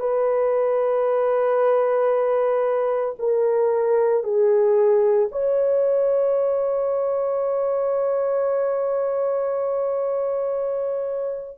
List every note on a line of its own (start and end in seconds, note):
0.00 3.16 B4
3.19 4.24 A#4
4.24 5.29 G#4
5.32 11.58 C#5